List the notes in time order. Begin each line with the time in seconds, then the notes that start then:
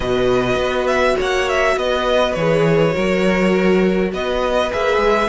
0.00 B2 F#4 B4 D#5
0.55 B3
0.87 E5
1.16 A#3 C#5 F#5
1.49 E5
1.76 B3 B4 D#5
2.33 E3 G#4 C#5
2.91 F#3 F#4 A#4
4.12 B3 B4 D#5
4.71 A#3 G#4 E5
4.97 G#3